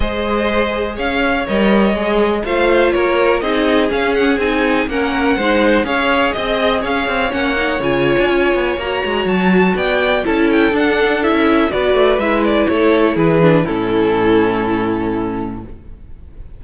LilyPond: <<
  \new Staff \with { instrumentName = "violin" } { \time 4/4 \tempo 4 = 123 dis''2 f''4 dis''4~ | dis''4 f''4 cis''4 dis''4 | f''8 fis''8 gis''4 fis''2 | f''4 dis''4 f''4 fis''4 |
gis''2 ais''4 a''4 | g''4 a''8 g''8 fis''4 e''4 | d''4 e''8 d''8 cis''4 b'4 | a'1 | }
  \new Staff \with { instrumentName = "violin" } { \time 4/4 c''2 cis''2~ | cis''4 c''4 ais'4 gis'4~ | gis'2 ais'4 c''4 | cis''4 dis''4 cis''2~ |
cis''1 | d''4 a'2. | b'2 a'4 gis'4 | e'1 | }
  \new Staff \with { instrumentName = "viola" } { \time 4/4 gis'2. ais'4 | gis'4 f'2 dis'4 | cis'4 dis'4 cis'4 dis'4 | gis'2. cis'8 dis'8 |
f'2 fis'2~ | fis'4 e'4 d'4 e'4 | fis'4 e'2~ e'8 d'8 | cis'1 | }
  \new Staff \with { instrumentName = "cello" } { \time 4/4 gis2 cis'4 g4 | gis4 a4 ais4 c'4 | cis'4 c'4 ais4 gis4 | cis'4 c'4 cis'8 c'8 ais4 |
cis8. d'16 cis'8 b8 ais8 gis8 fis4 | b4 cis'4 d'4~ d'16 cis'8. | b8 a8 gis4 a4 e4 | a,1 | }
>>